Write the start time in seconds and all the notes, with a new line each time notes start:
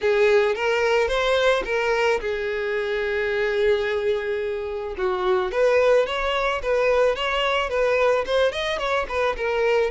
0.01 G#4
0.55 A#4
1.08 C5
1.64 A#4
2.20 G#4
4.97 F#4
5.51 B4
6.06 C#5
6.62 B4
7.15 C#5
7.69 B4
8.26 C5
8.51 D#5
8.78 C#5
9.08 B4
9.36 A#4